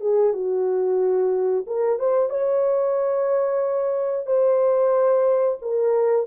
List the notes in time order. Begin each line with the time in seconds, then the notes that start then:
0.00 G#4
0.33 F#4
1.66 A#4
1.99 C5
2.29 C#5
4.26 C5
5.61 A#4